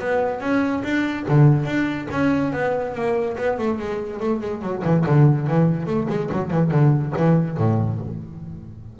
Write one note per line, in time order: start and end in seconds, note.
0.00 0.41 B3
0.41 0.83 C#4
0.84 1.26 D4
1.28 1.66 D3
1.66 2.08 D4
2.11 2.53 C#4
2.53 2.95 B3
2.95 3.37 A#3
3.38 3.59 B3
3.59 3.79 A3
3.79 4.20 G#3
4.20 4.41 A3
4.41 4.62 G#3
4.62 4.83 F#3
4.84 5.05 E3
5.07 5.47 D3
5.47 5.87 E3
5.87 6.08 A3
6.09 6.30 G#3
6.32 6.51 F#3
6.51 6.71 E3
6.71 7.13 D3
7.17 7.58 E3
7.58 8.00 A2